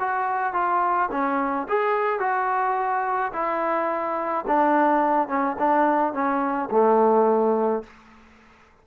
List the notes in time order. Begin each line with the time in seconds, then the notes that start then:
0.00 F#4
0.54 F4
1.12 C#4
1.69 G#4
2.20 F#4
3.33 E4
4.48 D4
5.28 C#4
5.59 D4
6.14 C#4
6.71 A3